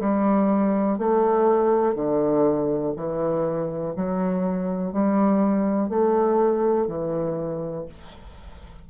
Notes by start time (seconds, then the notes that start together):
0.00 G3
0.99 A3
1.95 D3
2.97 E3
3.96 F#3
4.93 G3
5.89 A3
6.87 E3